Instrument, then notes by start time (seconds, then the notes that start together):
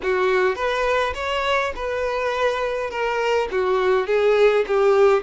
violin
0.02 F#4
0.55 B4
1.14 C#5
1.75 B4
2.90 A#4
3.51 F#4
4.06 G#4
4.67 G4